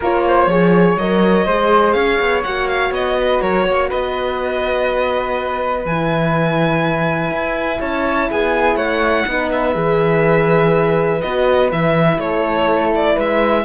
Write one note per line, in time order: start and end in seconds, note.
0.00 0.47 A#3
0.00 0.49 F4
0.00 0.24 A#4
0.00 0.97 C#5
0.27 0.49 C5
0.47 0.95 F3
0.47 0.98 G#4
0.47 1.45 C#5
0.97 1.46 F#3
0.97 1.48 A#4
0.97 1.93 D#5
1.45 1.95 G#3
1.45 2.45 G#4
1.45 1.94 C5
1.93 2.19 C#4
1.93 3.16 C#5
1.93 2.41 F5
2.20 2.44 B3
2.43 2.90 A#3
2.43 5.87 F#4
2.43 2.67 F#5
2.68 2.92 F5
2.90 3.39 B3
2.90 3.41 D#5
3.19 3.41 B4
3.41 3.66 F#3
3.41 3.63 A#4
3.41 3.90 C#5
3.63 3.90 A#3
3.63 3.87 C#5
3.88 5.85 B3
3.88 7.79 B4
3.88 5.85 D#5
5.85 7.30 E3
5.85 9.28 E4
5.85 7.81 G#5
7.30 7.79 E4
7.80 8.30 C#4
7.80 8.28 C#5
7.80 8.30 A5
8.30 8.75 B3
8.30 8.77 G#4
8.30 8.76 G#5
8.75 9.24 A3
8.75 9.25 C#5
8.75 9.49 F#5
9.27 9.75 B3
9.27 9.73 D#4
9.27 12.21 B4
9.51 11.21 E5
9.73 11.21 E3
9.73 11.20 G#4
11.21 11.71 B3
11.21 11.70 F#4
11.21 11.70 D#5
11.70 12.18 E3
11.70 13.64 E4
11.70 12.19 E5
12.18 13.16 A3
12.18 13.14 A4
12.18 12.92 C#5
12.95 13.19 D5
13.14 13.64 G#3
13.14 13.62 B4
13.14 13.64 E5